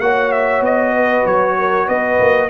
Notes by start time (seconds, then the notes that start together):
0.00 A#3 F#4 C#5 F#5
0.32 E5
0.61 B3 D#5
0.94 B4
1.25 F#3 C#5
1.58 A#4
1.87 B3 B4 D#5
2.20 A#3